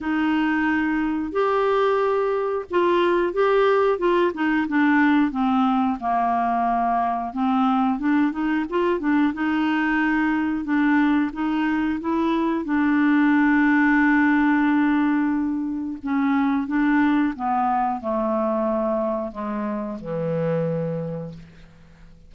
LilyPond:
\new Staff \with { instrumentName = "clarinet" } { \time 4/4 \tempo 4 = 90 dis'2 g'2 | f'4 g'4 f'8 dis'8 d'4 | c'4 ais2 c'4 | d'8 dis'8 f'8 d'8 dis'2 |
d'4 dis'4 e'4 d'4~ | d'1 | cis'4 d'4 b4 a4~ | a4 gis4 e2 | }